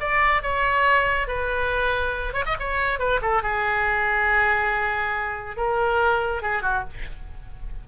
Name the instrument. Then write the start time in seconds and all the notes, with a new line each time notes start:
oboe
0.00 D5
0.42 C#5
1.27 B4
2.33 C#5
2.46 D#5
2.59 C#5
2.99 B4
3.22 A4
3.42 G#4
5.57 A#4
6.42 G#4
6.62 F#4